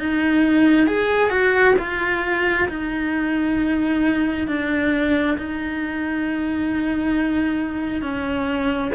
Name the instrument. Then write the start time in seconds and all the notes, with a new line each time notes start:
cello
0.00 D#4
0.87 G#4
1.30 F#4
1.79 F4
2.69 D#4
4.48 D4
5.39 D#4
8.02 C#4